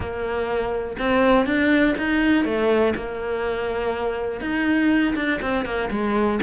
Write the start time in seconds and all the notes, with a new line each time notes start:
0.00 A#3
0.98 C4
1.46 D4
1.98 D#4
2.45 A3
2.95 A#3
4.40 D#4
5.15 D4
5.41 C4
5.65 A#3
5.90 G#3